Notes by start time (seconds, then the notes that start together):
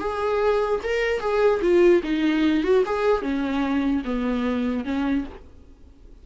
0.00 G#4
0.83 A#4
1.20 G#4
1.62 F4
2.04 D#4
2.64 F#4
2.86 G#4
3.22 C#4
4.05 B3
4.85 C#4